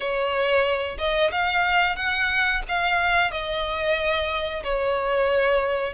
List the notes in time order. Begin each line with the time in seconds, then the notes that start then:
0.00 C#5
0.97 D#5
1.31 F5
1.96 F#5
2.68 F5
3.31 D#5
4.63 C#5